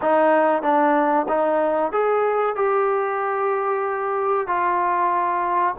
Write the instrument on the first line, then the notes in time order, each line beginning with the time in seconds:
trombone
0.01 D#4
0.62 D4
1.28 D#4
1.91 G#4
2.55 G4
4.47 F4